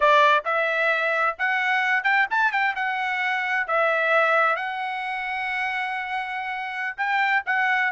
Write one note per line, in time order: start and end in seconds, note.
0.00 0.44 D5
0.44 1.36 E5
1.38 2.03 F#5
2.03 2.26 G5
2.30 2.51 A5
2.51 2.74 G5
2.75 3.67 F#5
3.67 4.56 E5
4.56 6.96 F#5
6.97 7.43 G5
7.46 7.92 F#5